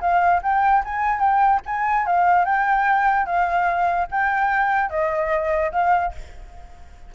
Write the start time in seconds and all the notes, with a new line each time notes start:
0.00 F5
0.42 G5
0.84 G#5
1.19 G5
1.65 G#5
2.06 F5
2.45 G5
3.26 F5
4.11 G5
4.89 D#5
5.71 F5